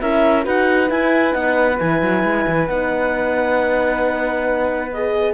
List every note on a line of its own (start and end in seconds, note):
0.00 0.46 C#4
0.00 0.43 E4
0.00 0.44 A#4
0.00 0.45 E5
0.43 0.90 D#4
0.43 0.87 F#4
0.43 5.33 B4
0.43 0.90 F#5
0.87 1.31 E4
0.87 1.34 E4
0.87 1.33 G#5
1.31 1.79 B3
1.31 1.75 D#4
1.31 1.78 F#5
1.78 2.01 E3
1.78 2.67 E4
1.78 2.67 G#5
2.01 2.23 F#3
2.23 2.45 G#3
2.47 2.69 E3
2.67 5.33 B3
2.67 4.91 D#4
2.67 4.91 F#5
4.91 5.33 G#4
4.91 5.33 D#5